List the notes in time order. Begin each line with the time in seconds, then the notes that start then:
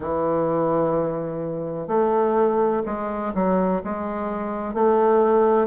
0.00 E3
1.87 A3
2.85 G#3
3.34 F#3
3.84 G#3
4.74 A3